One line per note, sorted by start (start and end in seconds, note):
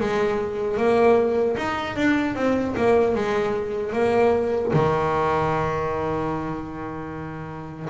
0.00 0.77 G#3
0.77 1.56 A#3
1.57 1.96 D#4
1.96 2.35 D4
2.35 2.75 C4
2.77 3.15 A#3
3.15 3.93 G#3
3.93 4.72 A#3
4.73 7.89 D#3